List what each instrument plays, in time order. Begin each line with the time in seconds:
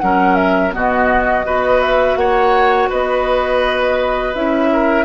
0.00 bassoon F#3, clarinet C#4, oboe A#4, flute F#5
0.36 flute E5
0.72 bassoon B2, clarinet B3, oboe F#4, flute D#5
1.45 bassoon B3, clarinet F#4, oboe B4
1.81 flute E5
2.16 bassoon A#3, oboe C#5, flute F#5
2.90 bassoon B3, oboe B4, flute D#5
4.34 bassoon C#4, clarinet E4, flute E5
4.73 oboe A#4